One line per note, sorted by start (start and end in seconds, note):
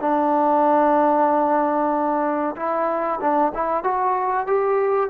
0.00 2.55 D4
2.56 3.20 E4
3.21 3.53 D4
3.55 3.84 E4
3.84 4.47 F#4
4.47 5.09 G4